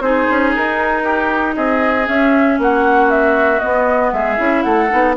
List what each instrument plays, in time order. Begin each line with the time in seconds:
0.00 bassoon C4, clarinet D#4, oboe G#4, flute C5
0.30 bassoon C#4
0.55 bassoon D#4, flute A#4
1.04 oboe G4
1.55 bassoon C4, oboe G#4, flute D#5
2.04 clarinet C#4, bassoon C#4, flute E5
2.58 bassoon A#3, oboe F#4, flute F#5
3.10 flute E5
3.59 clarinet B3, bassoon B3, flute D#5
4.12 bassoon G#3, oboe G#4, flute E5
4.37 bassoon C#4, clarinet E4
4.63 bassoon A3, oboe A4, flute F#5
4.89 bassoon B3, clarinet D#4